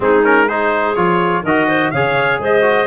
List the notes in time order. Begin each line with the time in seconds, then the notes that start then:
0.00 G#3 C4 D#4 G#4
0.24 C#4 A#4
0.47 D#4 G#4 C5
0.95 F3 F4 C#5
1.43 D#3 F#4 A#4 D#5
1.67 C5
1.91 C#3 G#4 C#5 F5
2.39 G#3 C5 D#5
2.61 F#4